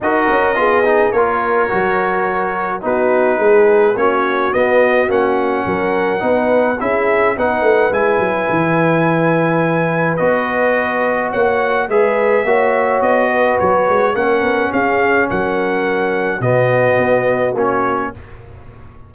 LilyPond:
<<
  \new Staff \with { instrumentName = "trumpet" } { \time 4/4 \tempo 4 = 106 dis''2 cis''2~ | cis''4 b'2 cis''4 | dis''4 fis''2. | e''4 fis''4 gis''2~ |
gis''2 dis''2 | fis''4 e''2 dis''4 | cis''4 fis''4 f''4 fis''4~ | fis''4 dis''2 cis''4 | }
  \new Staff \with { instrumentName = "horn" } { \time 4/4 ais'4 gis'4 ais'2~ | ais'4 fis'4 gis'4 fis'4~ | fis'2 ais'4 b'4 | gis'4 b'2.~ |
b'1 | cis''4 b'4 cis''4. b'8~ | b'4 ais'4 gis'4 ais'4~ | ais'4 fis'2. | }
  \new Staff \with { instrumentName = "trombone" } { \time 4/4 fis'4 f'8 dis'8 f'4 fis'4~ | fis'4 dis'2 cis'4 | b4 cis'2 dis'4 | e'4 dis'4 e'2~ |
e'2 fis'2~ | fis'4 gis'4 fis'2~ | fis'4 cis'2.~ | cis'4 b2 cis'4 | }
  \new Staff \with { instrumentName = "tuba" } { \time 4/4 dis'8 cis'8 b4 ais4 fis4~ | fis4 b4 gis4 ais4 | b4 ais4 fis4 b4 | cis'4 b8 a8 gis8 fis8 e4~ |
e2 b2 | ais4 gis4 ais4 b4 | fis8 gis8 ais8 b8 cis'4 fis4~ | fis4 b,4 b4 ais4 | }
>>